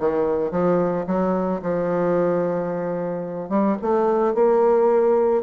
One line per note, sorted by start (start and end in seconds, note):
0.00 0.51 D#3
0.51 1.06 F3
1.07 1.62 F#3
1.62 3.50 F3
3.50 3.77 G3
3.82 4.35 A3
4.35 5.43 A#3